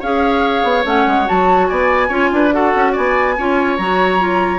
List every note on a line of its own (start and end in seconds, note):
0.00 0.64 C#4
0.00 0.85 G#4
0.00 1.68 C#5
0.00 0.86 F5
0.64 0.85 B3
0.85 1.06 A3
0.85 1.25 C#4
0.85 1.28 F#5
1.07 1.28 G#3
1.25 1.71 F#3
1.25 2.09 F#4
1.25 1.67 A5
1.67 2.10 B3
1.67 2.09 D5
1.67 2.51 G#5
2.09 2.31 C#4
2.09 2.52 F4
2.09 2.30 C#5
2.32 2.74 D4
2.32 2.54 B4
2.52 3.36 F#4
2.52 2.92 A4
2.52 2.95 F#5
2.76 2.97 C#4
2.92 3.38 B3
2.92 3.34 D5
2.92 3.77 G#5
3.38 3.78 C#4
3.38 3.80 F4
3.38 4.60 C#5
3.77 4.60 F#3
3.77 4.19 F#4
3.77 4.60 A#5
4.19 4.60 F4